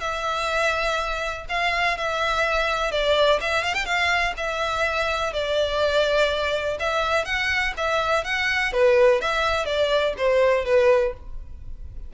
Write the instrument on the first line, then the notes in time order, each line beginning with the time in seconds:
violin
0.00 E5
1.49 F5
1.98 E5
2.91 D5
3.41 E5
3.64 F5
3.74 G5
3.86 F5
4.37 E5
5.33 D5
6.80 E5
7.25 F#5
7.77 E5
8.24 F#5
8.73 B4
9.21 E5
9.65 D5
10.17 C5
10.65 B4